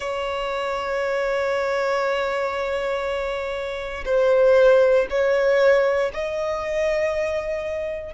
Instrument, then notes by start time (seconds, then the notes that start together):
violin
0.00 C#5
4.04 C5
5.09 C#5
6.13 D#5